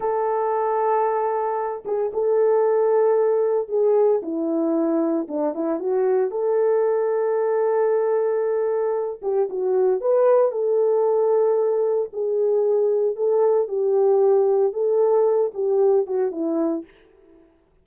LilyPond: \new Staff \with { instrumentName = "horn" } { \time 4/4 \tempo 4 = 114 a'2.~ a'8 gis'8 | a'2. gis'4 | e'2 d'8 e'8 fis'4 | a'1~ |
a'4. g'8 fis'4 b'4 | a'2. gis'4~ | gis'4 a'4 g'2 | a'4. g'4 fis'8 e'4 | }